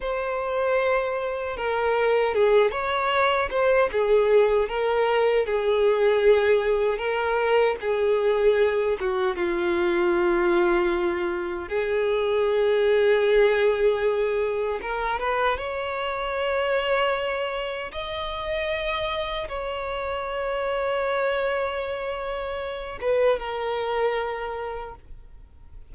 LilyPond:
\new Staff \with { instrumentName = "violin" } { \time 4/4 \tempo 4 = 77 c''2 ais'4 gis'8 cis''8~ | cis''8 c''8 gis'4 ais'4 gis'4~ | gis'4 ais'4 gis'4. fis'8 | f'2. gis'4~ |
gis'2. ais'8 b'8 | cis''2. dis''4~ | dis''4 cis''2.~ | cis''4. b'8 ais'2 | }